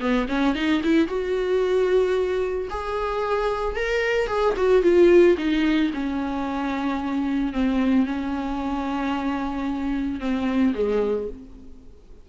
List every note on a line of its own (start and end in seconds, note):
0.00 0.27 B3
0.28 0.55 C#4
0.55 0.82 D#4
0.84 1.07 E4
1.07 2.68 F#4
2.70 3.75 G#4
3.75 4.27 A#4
4.27 4.54 G#4
4.57 4.82 F#4
4.82 5.36 F4
5.37 5.91 D#4
5.93 7.53 C#4
7.53 8.06 C4
8.06 10.20 C#4
10.20 10.73 C4
10.74 11.28 G#3